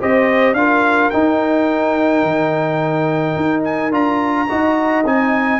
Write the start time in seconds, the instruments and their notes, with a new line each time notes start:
0.00 tuba C4, trombone G4, horn C5, trumpet D#5
0.53 tuba D4, trombone F4, horn A#4, trumpet F5
1.10 trombone D#4, tuba D#4, trumpet G5
2.23 tuba D#3
3.35 tuba D#4
3.63 trumpet G#5
3.91 tuba D4, trombone F4, trumpet A#5
4.48 tuba D#4, trombone F#4, horn D#5
5.04 tuba C4, trombone D#4, trumpet G#5